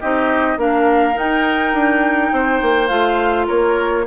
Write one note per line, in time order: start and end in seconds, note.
0.00 0.57 C4
0.00 0.57 D#4
0.00 0.58 G4
0.00 0.58 D#5
0.57 1.15 A#3
0.57 1.13 D4
0.57 2.32 A#4
0.57 1.17 F5
1.13 2.87 D#4
1.13 1.73 D#4
1.13 2.87 G5
1.73 2.31 D4
2.32 2.61 C4
2.32 3.46 C5
2.61 2.90 A#3
2.87 3.47 A3
2.87 4.04 F4
2.87 3.45 F5
3.46 4.07 A#3
3.46 4.04 A#4
3.46 4.06 C#5